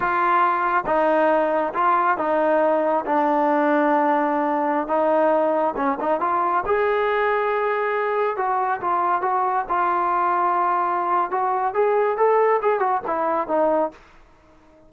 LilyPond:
\new Staff \with { instrumentName = "trombone" } { \time 4/4 \tempo 4 = 138 f'2 dis'2 | f'4 dis'2 d'4~ | d'2.~ d'16 dis'8.~ | dis'4~ dis'16 cis'8 dis'8 f'4 gis'8.~ |
gis'2.~ gis'16 fis'8.~ | fis'16 f'4 fis'4 f'4.~ f'16~ | f'2 fis'4 gis'4 | a'4 gis'8 fis'8 e'4 dis'4 | }